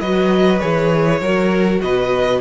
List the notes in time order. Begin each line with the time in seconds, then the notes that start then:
0.00 F#3 F#4 B4 D#5
0.59 E3 G#4 C#5
1.21 F#3 F#4 A#4
1.81 B2 B4 D#5